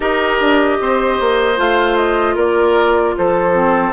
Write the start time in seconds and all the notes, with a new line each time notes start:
0.00 D#4 G4 A#4 D#5
0.40 D4
0.79 C4 C5
1.19 A#3
1.56 A3 F4 F5
1.96 D#5
2.35 A#3 A#4 D5
3.17 F3 A4 C5
3.53 C4